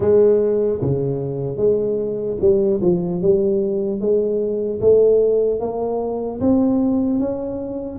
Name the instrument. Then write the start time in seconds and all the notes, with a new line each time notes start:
tuba
0.00 G#3
0.81 C#3
1.56 G#3
2.40 G3
2.81 F3
3.21 G3
4.00 G#3
4.80 A3
5.60 A#3
6.40 C4
7.19 C#4